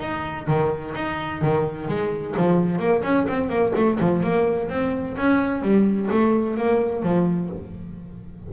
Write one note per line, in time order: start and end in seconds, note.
0.00 0.47 D#4
0.47 0.94 D#3
0.95 1.42 D#4
1.42 1.88 D#3
1.88 2.35 G#3
2.37 2.79 F3
2.79 3.02 A#3
3.03 3.26 C#4
3.28 3.49 C4
3.49 3.73 A#3
3.75 3.99 A3
4.00 4.23 F3
4.23 4.69 A#3
4.69 5.16 C4
5.17 5.62 C#4
5.62 6.09 G3
6.11 6.57 A3
6.57 7.03 A#3
7.03 7.50 F3